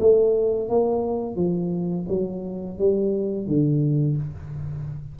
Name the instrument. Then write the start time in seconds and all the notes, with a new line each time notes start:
tuba
0.00 A3
0.69 A#3
1.36 F3
2.09 F#3
2.79 G3
3.47 D3